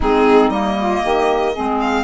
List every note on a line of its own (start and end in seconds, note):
0.00 0.48 G#3
0.00 0.52 C4
0.00 0.75 D#4
0.00 0.50 G#4
0.48 1.00 G3
0.48 1.54 A#3
0.48 1.78 D#5
0.78 1.02 F4
1.02 1.56 D#3
1.02 1.52 G4
1.52 2.04 C4
1.52 2.03 G#4
1.59 2.04 G#3
1.80 2.04 F5